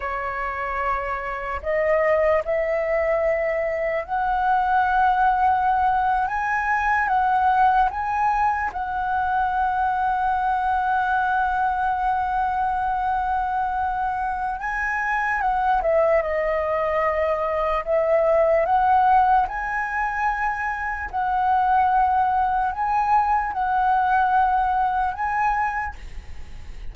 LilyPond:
\new Staff \with { instrumentName = "flute" } { \time 4/4 \tempo 4 = 74 cis''2 dis''4 e''4~ | e''4 fis''2~ fis''8. gis''16~ | gis''8. fis''4 gis''4 fis''4~ fis''16~ | fis''1~ |
fis''2 gis''4 fis''8 e''8 | dis''2 e''4 fis''4 | gis''2 fis''2 | gis''4 fis''2 gis''4 | }